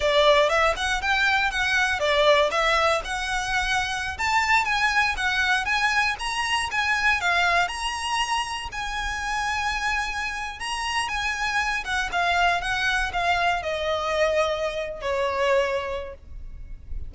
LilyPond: \new Staff \with { instrumentName = "violin" } { \time 4/4 \tempo 4 = 119 d''4 e''8 fis''8 g''4 fis''4 | d''4 e''4 fis''2~ | fis''16 a''4 gis''4 fis''4 gis''8.~ | gis''16 ais''4 gis''4 f''4 ais''8.~ |
ais''4~ ais''16 gis''2~ gis''8.~ | gis''4 ais''4 gis''4. fis''8 | f''4 fis''4 f''4 dis''4~ | dis''4.~ dis''16 cis''2~ cis''16 | }